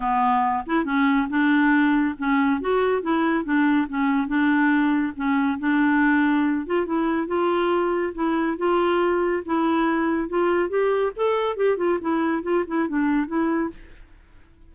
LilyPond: \new Staff \with { instrumentName = "clarinet" } { \time 4/4 \tempo 4 = 140 b4. e'8 cis'4 d'4~ | d'4 cis'4 fis'4 e'4 | d'4 cis'4 d'2 | cis'4 d'2~ d'8 f'8 |
e'4 f'2 e'4 | f'2 e'2 | f'4 g'4 a'4 g'8 f'8 | e'4 f'8 e'8 d'4 e'4 | }